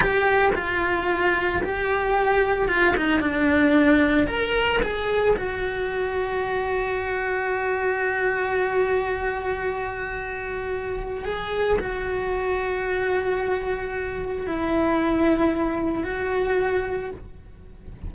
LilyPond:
\new Staff \with { instrumentName = "cello" } { \time 4/4 \tempo 4 = 112 g'4 f'2 g'4~ | g'4 f'8 dis'8 d'2 | ais'4 gis'4 fis'2~ | fis'1~ |
fis'1~ | fis'4 gis'4 fis'2~ | fis'2. e'4~ | e'2 fis'2 | }